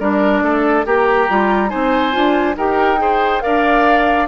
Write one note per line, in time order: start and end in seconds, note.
0.00 0.42 G3
0.00 0.86 D4
0.00 0.43 A#4
0.00 0.86 D5
0.42 0.85 A3
0.42 0.86 A4
0.86 1.29 A#3
0.86 1.28 G4
0.86 1.70 G4
0.86 1.70 A#5
1.29 1.73 G3
1.29 1.69 F4
1.69 2.16 C4
1.69 2.12 D#4
1.69 2.56 C5
1.69 2.56 G#5
2.12 2.57 D4
2.12 2.54 F4
2.57 3.42 D#4
2.57 2.98 G4
2.57 3.00 A#4
2.57 3.42 G5
2.98 3.41 G#4
2.98 3.43 C5
3.41 4.28 D4
3.41 4.26 A#4
3.41 4.28 D5
3.41 4.28 F5